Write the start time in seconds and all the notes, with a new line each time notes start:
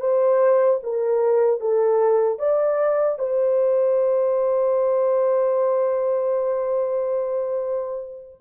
0.00 C5
0.83 A#4
1.60 A4
2.39 D5
3.19 C5